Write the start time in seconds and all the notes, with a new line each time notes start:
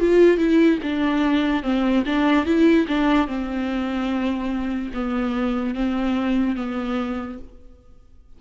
0.00 F4
0.38 E4
0.83 D4
1.63 C4
2.06 D4
2.45 E4
2.88 D4
3.27 C4
4.94 B3
5.75 C4
6.56 B3